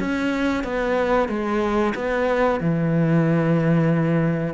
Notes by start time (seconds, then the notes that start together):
0.00 C#4
0.64 B3
1.29 G#3
1.95 B3
2.60 E3